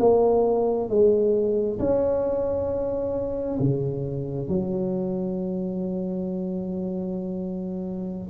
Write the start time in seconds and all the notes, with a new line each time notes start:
0.00 A#3
0.90 G#3
1.80 C#4
3.60 C#3
4.49 F#3